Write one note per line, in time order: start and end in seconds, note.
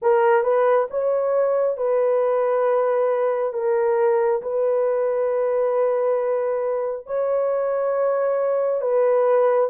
0.02 0.43 A#4
0.43 0.87 B4
0.90 1.76 C#5
1.76 3.53 B4
3.53 4.41 A#4
4.42 7.06 B4
7.06 8.81 C#5
8.81 9.69 B4